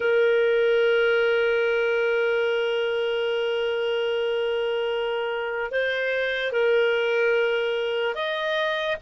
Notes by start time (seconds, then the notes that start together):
0.00 A#4
5.71 C5
6.52 A#4
8.14 D#5